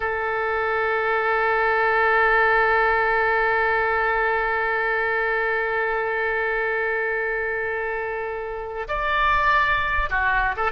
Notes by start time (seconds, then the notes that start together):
0.00 A4
8.88 D5
10.09 F#4
10.56 A4